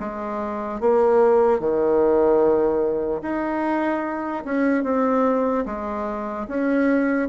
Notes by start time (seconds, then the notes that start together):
0.00 G#3
0.81 A#3
1.60 D#3
3.22 D#4
4.45 C#4
4.84 C4
5.66 G#3
6.48 C#4